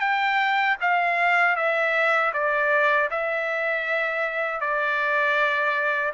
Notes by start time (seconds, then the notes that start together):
0.00 G5
0.81 F5
1.56 E5
2.33 D5
3.11 E5
4.61 D5